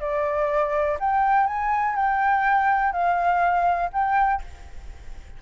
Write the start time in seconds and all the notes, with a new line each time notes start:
0.00 D5
0.99 G5
1.47 G#5
1.96 G5
2.92 F5
3.93 G5